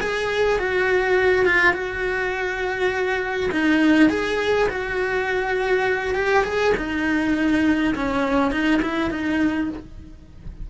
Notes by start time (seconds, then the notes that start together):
0.00 G#4
0.59 F#4
1.45 F4
1.73 F#4
3.51 D#4
4.09 G#4
4.69 F#4
6.14 G4
6.44 G#4
6.77 D#4
7.95 C#4
8.51 D#4
8.81 E4
9.10 D#4